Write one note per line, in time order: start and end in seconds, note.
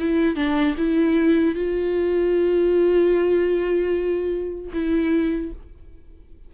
0.00 0.36 E4
0.36 0.76 D4
0.78 1.55 E4
1.55 4.71 F4
4.74 5.53 E4